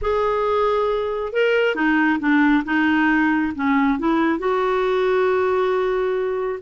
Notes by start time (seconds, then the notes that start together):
0.01 G#4
1.33 A#4
1.75 D#4
2.19 D4
2.64 D#4
3.55 C#4
3.98 E4
4.38 F#4